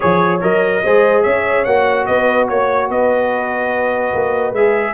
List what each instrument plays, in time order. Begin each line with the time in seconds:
0.00 tuba F3, trombone G#4, trumpet C#5, horn C#5
0.41 tuba F#3, trombone A#4, trumpet D#5
0.83 tuba G#3, trombone G#4, horn C5
1.23 tuba C#4, horn C#5, trumpet E5
1.64 tuba A#3, trombone F#4, trumpet F#5
2.06 tuba B3, horn B4, trumpet D#5
2.48 tuba A#3, trumpet C#5, horn C#5
2.89 tuba B3, horn B4, trumpet D#5
4.14 tuba A#3
4.52 tuba G#3, trombone G#4, trumpet E5